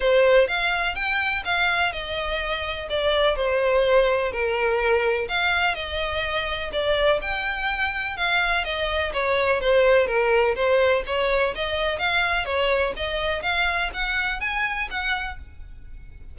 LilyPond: \new Staff \with { instrumentName = "violin" } { \time 4/4 \tempo 4 = 125 c''4 f''4 g''4 f''4 | dis''2 d''4 c''4~ | c''4 ais'2 f''4 | dis''2 d''4 g''4~ |
g''4 f''4 dis''4 cis''4 | c''4 ais'4 c''4 cis''4 | dis''4 f''4 cis''4 dis''4 | f''4 fis''4 gis''4 fis''4 | }